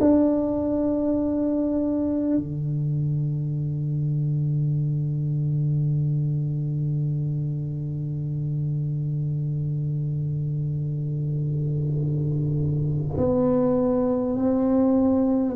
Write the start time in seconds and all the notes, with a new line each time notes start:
0.00 D4
2.37 D3
13.17 B3
14.36 C4